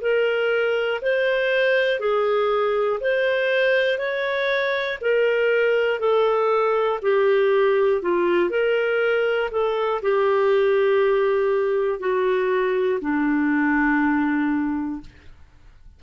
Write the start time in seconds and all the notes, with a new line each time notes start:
0.00 A#4
1.01 C5
1.99 G#4
3.00 C5
3.98 C#5
5.00 A#4
5.99 A4
7.01 G4
8.01 F4
8.50 A#4
9.51 A4
10.02 G4
11.99 F#4
13.00 D4